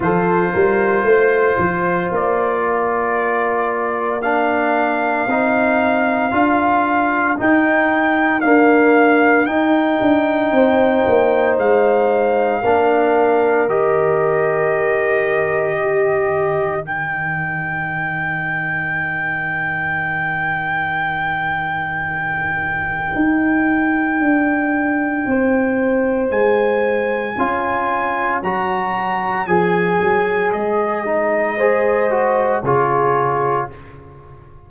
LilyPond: <<
  \new Staff \with { instrumentName = "trumpet" } { \time 4/4 \tempo 4 = 57 c''2 d''2 | f''2. g''4 | f''4 g''2 f''4~ | f''4 dis''2. |
g''1~ | g''1~ | g''4 gis''2 ais''4 | gis''4 dis''2 cis''4 | }
  \new Staff \with { instrumentName = "horn" } { \time 4/4 a'8 ais'8 c''4. ais'4.~ | ais'1~ | ais'2 c''2 | ais'2. g'4 |
ais'1~ | ais'1 | c''2 cis''2~ | cis''2 c''4 gis'4 | }
  \new Staff \with { instrumentName = "trombone" } { \time 4/4 f'1 | d'4 dis'4 f'4 dis'4 | ais4 dis'2. | d'4 g'2. |
dis'1~ | dis'1~ | dis'2 f'4 fis'4 | gis'4. dis'8 gis'8 fis'8 f'4 | }
  \new Staff \with { instrumentName = "tuba" } { \time 4/4 f8 g8 a8 f8 ais2~ | ais4 c'4 d'4 dis'4 | d'4 dis'8 d'8 c'8 ais8 gis4 | ais4 dis2.~ |
dis1~ | dis2 dis'4 d'4 | c'4 gis4 cis'4 fis4 | f8 fis8 gis2 cis4 | }
>>